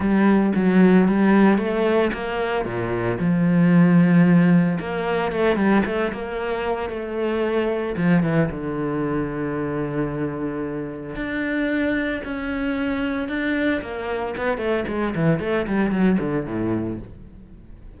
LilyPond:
\new Staff \with { instrumentName = "cello" } { \time 4/4 \tempo 4 = 113 g4 fis4 g4 a4 | ais4 ais,4 f2~ | f4 ais4 a8 g8 a8 ais8~ | ais4 a2 f8 e8 |
d1~ | d4 d'2 cis'4~ | cis'4 d'4 ais4 b8 a8 | gis8 e8 a8 g8 fis8 d8 a,4 | }